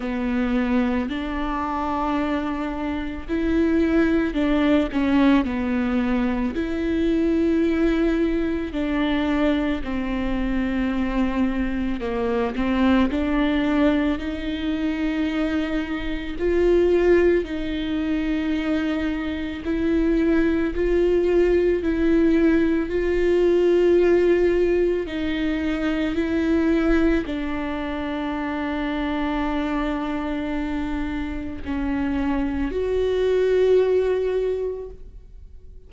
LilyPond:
\new Staff \with { instrumentName = "viola" } { \time 4/4 \tempo 4 = 55 b4 d'2 e'4 | d'8 cis'8 b4 e'2 | d'4 c'2 ais8 c'8 | d'4 dis'2 f'4 |
dis'2 e'4 f'4 | e'4 f'2 dis'4 | e'4 d'2.~ | d'4 cis'4 fis'2 | }